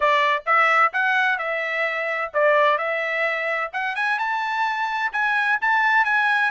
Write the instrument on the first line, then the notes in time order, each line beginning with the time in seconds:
trumpet
0.00 D5
0.46 E5
0.93 F#5
1.38 E5
2.33 D5
2.77 E5
3.73 F#5
3.95 G#5
4.18 A5
5.12 G#5
5.61 A5
6.04 G#5